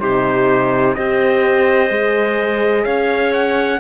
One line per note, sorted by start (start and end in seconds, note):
0.00 0.97 C3
0.00 0.95 D#4
0.00 0.95 G4
0.00 0.95 C5
0.95 1.90 C4
0.95 1.89 G4
0.95 2.85 C5
0.95 2.85 D#5
1.89 2.86 G#3
1.89 3.80 G#4
2.85 3.80 C#4
2.85 3.80 C#5
2.85 3.32 F5
3.33 3.80 F#5